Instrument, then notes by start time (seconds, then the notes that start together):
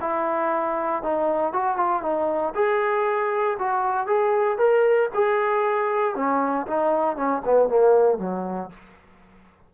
trombone
0.00 E4
1.02 D#4
1.52 F#4
1.76 F4
2.02 D#4
2.55 G#4
3.59 F#4
4.07 G#4
4.58 A#4
5.14 G#4
6.15 C#4
6.66 D#4
7.16 C#4
7.44 B3
7.69 A#3
8.18 F#3